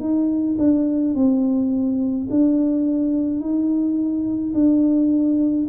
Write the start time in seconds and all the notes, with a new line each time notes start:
0.00 D#4
0.58 D4
1.15 C4
2.31 D4
3.40 D#4
4.54 D4